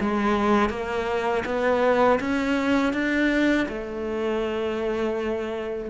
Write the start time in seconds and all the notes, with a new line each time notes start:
0.00 G#3
0.69 A#3
1.45 B3
2.20 C#4
2.93 D4
3.68 A3